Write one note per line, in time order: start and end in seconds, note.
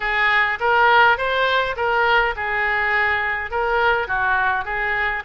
0.00 0.58 G#4
0.60 1.17 A#4
1.17 1.75 C5
1.76 2.34 A#4
2.36 3.51 G#4
3.51 4.07 A#4
4.07 4.64 F#4
4.64 5.23 G#4